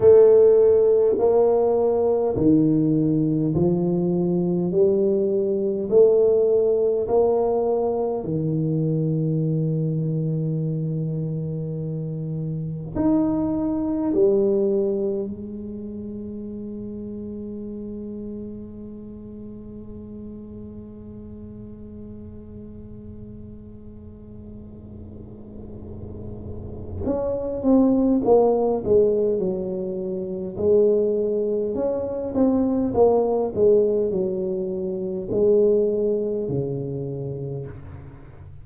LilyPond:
\new Staff \with { instrumentName = "tuba" } { \time 4/4 \tempo 4 = 51 a4 ais4 dis4 f4 | g4 a4 ais4 dis4~ | dis2. dis'4 | g4 gis2.~ |
gis1~ | gis2. cis'8 c'8 | ais8 gis8 fis4 gis4 cis'8 c'8 | ais8 gis8 fis4 gis4 cis4 | }